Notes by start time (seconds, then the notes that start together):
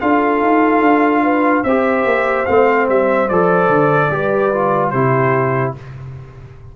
0.00 D4 F4 A4 F5
0.41 D#4
0.81 D4
1.23 B4
1.63 C4 G4 C5 E5
2.05 A#3
2.45 A3 C4 F5
2.89 G3 E5
3.28 F3 A4 D5
3.68 D3
4.10 G3 G4 B4
4.52 F4
4.90 C3 E4 G4 C5